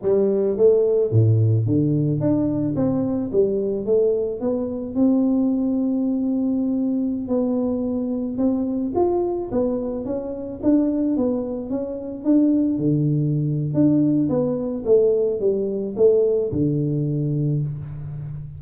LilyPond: \new Staff \with { instrumentName = "tuba" } { \time 4/4 \tempo 4 = 109 g4 a4 a,4 d4 | d'4 c'4 g4 a4 | b4 c'2.~ | c'4~ c'16 b2 c'8.~ |
c'16 f'4 b4 cis'4 d'8.~ | d'16 b4 cis'4 d'4 d8.~ | d4 d'4 b4 a4 | g4 a4 d2 | }